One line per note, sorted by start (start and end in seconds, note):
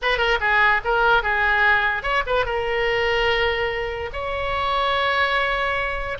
0.02 0.18 B4
0.18 0.38 A#4
0.40 0.81 G#4
0.84 1.22 A#4
1.22 2.02 G#4
2.02 2.23 C#5
2.26 2.45 B4
2.45 4.09 A#4
4.12 6.18 C#5